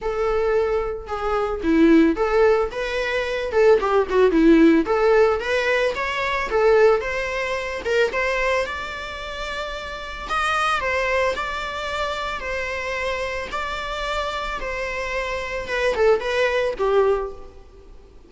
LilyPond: \new Staff \with { instrumentName = "viola" } { \time 4/4 \tempo 4 = 111 a'2 gis'4 e'4 | a'4 b'4. a'8 g'8 fis'8 | e'4 a'4 b'4 cis''4 | a'4 c''4. ais'8 c''4 |
d''2. dis''4 | c''4 d''2 c''4~ | c''4 d''2 c''4~ | c''4 b'8 a'8 b'4 g'4 | }